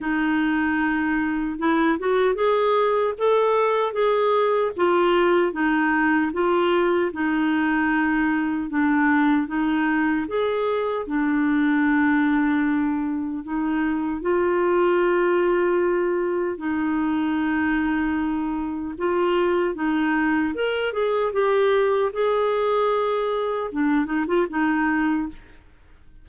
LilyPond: \new Staff \with { instrumentName = "clarinet" } { \time 4/4 \tempo 4 = 76 dis'2 e'8 fis'8 gis'4 | a'4 gis'4 f'4 dis'4 | f'4 dis'2 d'4 | dis'4 gis'4 d'2~ |
d'4 dis'4 f'2~ | f'4 dis'2. | f'4 dis'4 ais'8 gis'8 g'4 | gis'2 d'8 dis'16 f'16 dis'4 | }